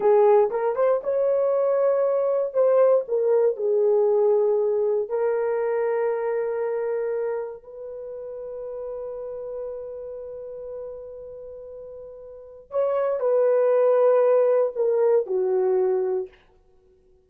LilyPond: \new Staff \with { instrumentName = "horn" } { \time 4/4 \tempo 4 = 118 gis'4 ais'8 c''8 cis''2~ | cis''4 c''4 ais'4 gis'4~ | gis'2 ais'2~ | ais'2. b'4~ |
b'1~ | b'1~ | b'4 cis''4 b'2~ | b'4 ais'4 fis'2 | }